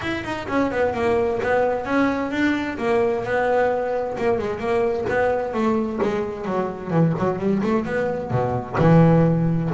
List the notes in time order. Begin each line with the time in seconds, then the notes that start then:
0.01 E4
0.24 D#4
0.48 C#4
0.71 B3
0.94 A#3
1.42 B3
1.85 C#4
2.31 D4
2.78 A#3
3.24 B3
4.18 A#3
4.38 G#3
4.59 A#3
5.09 B3
5.53 A3
6.02 G#3
6.45 F#3
6.90 E3
7.18 F#3
7.38 G3
7.63 A3
7.85 B3
8.30 B2
8.78 E3